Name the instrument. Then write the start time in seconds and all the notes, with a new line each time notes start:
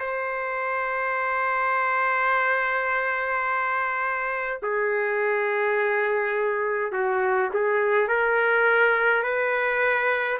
trumpet
0.00 C5
4.63 G#4
6.92 F#4
7.54 G#4
8.09 A#4
9.24 B4